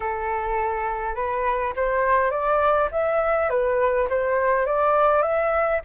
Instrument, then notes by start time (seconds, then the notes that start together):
flute
0.00 A4
1.15 B4
1.76 C5
2.30 D5
2.91 E5
3.49 B4
4.09 C5
4.65 D5
5.22 E5